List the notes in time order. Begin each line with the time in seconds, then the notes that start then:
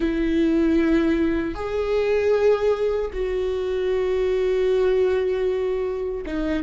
0.00 E4
1.54 G#4
3.13 F#4
6.26 D#4